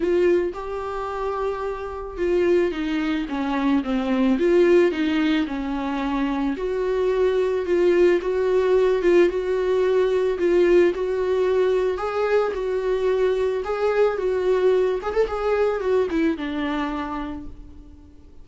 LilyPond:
\new Staff \with { instrumentName = "viola" } { \time 4/4 \tempo 4 = 110 f'4 g'2. | f'4 dis'4 cis'4 c'4 | f'4 dis'4 cis'2 | fis'2 f'4 fis'4~ |
fis'8 f'8 fis'2 f'4 | fis'2 gis'4 fis'4~ | fis'4 gis'4 fis'4. gis'16 a'16 | gis'4 fis'8 e'8 d'2 | }